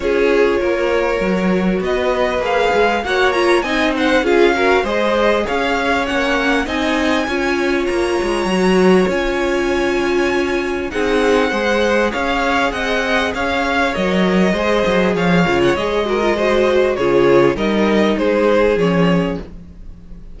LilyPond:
<<
  \new Staff \with { instrumentName = "violin" } { \time 4/4 \tempo 4 = 99 cis''2. dis''4 | f''4 fis''8 ais''8 gis''8 fis''8 f''4 | dis''4 f''4 fis''4 gis''4~ | gis''4 ais''2 gis''4~ |
gis''2 fis''2 | f''4 fis''4 f''4 dis''4~ | dis''4 f''8. fis''16 dis''2 | cis''4 dis''4 c''4 cis''4 | }
  \new Staff \with { instrumentName = "violin" } { \time 4/4 gis'4 ais'2 b'4~ | b'4 cis''4 dis''8 c''8 gis'8 ais'8 | c''4 cis''2 dis''4 | cis''1~ |
cis''2 gis'4 c''4 | cis''4 dis''4 cis''2 | c''4 cis''4. ais'8 c''4 | gis'4 ais'4 gis'2 | }
  \new Staff \with { instrumentName = "viola" } { \time 4/4 f'2 fis'2 | gis'4 fis'8 f'8 dis'4 f'8 fis'8 | gis'2 cis'4 dis'4 | f'2 fis'4 f'4~ |
f'2 dis'4 gis'4~ | gis'2. ais'4 | gis'4. f'8 gis'8 fis'16 f'16 fis'4 | f'4 dis'2 cis'4 | }
  \new Staff \with { instrumentName = "cello" } { \time 4/4 cis'4 ais4 fis4 b4 | ais8 gis8 ais4 c'4 cis'4 | gis4 cis'4 ais4 c'4 | cis'4 ais8 gis8 fis4 cis'4~ |
cis'2 c'4 gis4 | cis'4 c'4 cis'4 fis4 | gis8 fis8 f8 cis8 gis2 | cis4 g4 gis4 f4 | }
>>